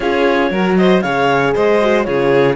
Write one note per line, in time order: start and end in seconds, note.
0.00 0.50 C#4
0.00 0.51 F4
0.00 0.49 G#4
0.00 0.74 C#5
0.50 1.02 F#3
0.50 1.03 F#4
0.50 0.77 A#4
0.77 1.02 C5
0.77 1.01 D#5
1.01 1.54 C#3
1.01 1.82 G#4
1.01 1.54 C#5
1.01 1.52 F5
1.55 2.07 G#3
1.55 2.06 C5
1.55 2.03 D#5
1.82 2.05 F#4
2.03 2.55 C#3
2.03 2.55 F4
2.03 2.55 G#4
2.03 2.54 C#5